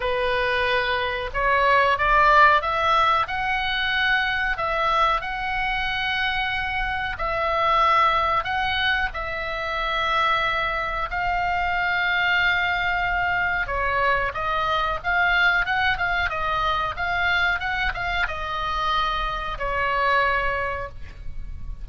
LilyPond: \new Staff \with { instrumentName = "oboe" } { \time 4/4 \tempo 4 = 92 b'2 cis''4 d''4 | e''4 fis''2 e''4 | fis''2. e''4~ | e''4 fis''4 e''2~ |
e''4 f''2.~ | f''4 cis''4 dis''4 f''4 | fis''8 f''8 dis''4 f''4 fis''8 f''8 | dis''2 cis''2 | }